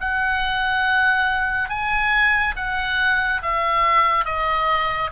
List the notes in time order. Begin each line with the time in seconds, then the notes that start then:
0.00 F#5
1.69 G#5
2.56 F#5
3.42 E5
4.25 D#5